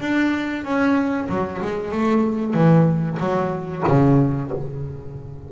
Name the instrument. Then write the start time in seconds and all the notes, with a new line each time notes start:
double bass
0.00 D4
0.64 C#4
1.29 F#3
1.61 G#3
1.91 A3
2.54 E3
3.19 F#3
3.87 C#3